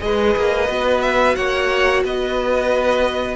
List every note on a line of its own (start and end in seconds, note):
0.00 0.36 G#3
0.00 0.67 G#4
0.00 1.36 B4
0.00 1.01 D#5
0.36 0.69 A#3
0.68 1.36 B3
0.68 3.35 F#4
1.02 1.35 E5
1.35 2.04 A#3
1.35 2.04 C#5
1.35 2.03 F#5
2.04 3.35 B3
2.04 3.35 B4
2.04 3.35 D#5